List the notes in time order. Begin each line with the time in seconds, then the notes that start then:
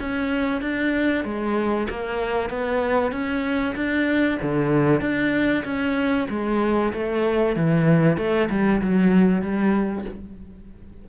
0.00 C#4
0.61 D4
1.25 G#3
1.89 A#3
2.49 B3
3.11 C#4
3.75 D4
4.42 D3
5.01 D4
5.64 C#4
6.30 G#3
6.93 A3
7.56 E3
8.17 A3
8.50 G3
8.81 F#3
9.41 G3